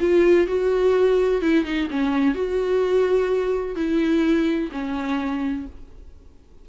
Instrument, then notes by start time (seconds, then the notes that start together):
viola
0.00 F4
0.47 F#4
1.41 E4
1.65 D#4
1.90 C#4
2.34 F#4
3.76 E4
4.72 C#4